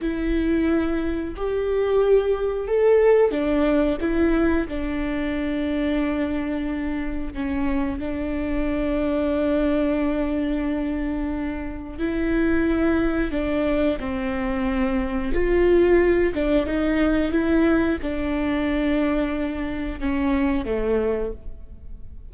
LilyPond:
\new Staff \with { instrumentName = "viola" } { \time 4/4 \tempo 4 = 90 e'2 g'2 | a'4 d'4 e'4 d'4~ | d'2. cis'4 | d'1~ |
d'2 e'2 | d'4 c'2 f'4~ | f'8 d'8 dis'4 e'4 d'4~ | d'2 cis'4 a4 | }